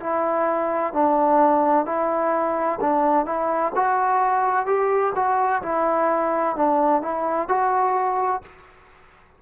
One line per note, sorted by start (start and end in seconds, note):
0.00 0.93 E4
0.93 1.86 D4
1.86 2.80 E4
2.81 3.26 D4
3.26 3.72 E4
3.75 4.66 F#4
4.66 5.13 G4
5.15 5.62 F#4
5.62 6.56 E4
6.56 7.02 D4
7.02 7.48 E4
7.48 8.42 F#4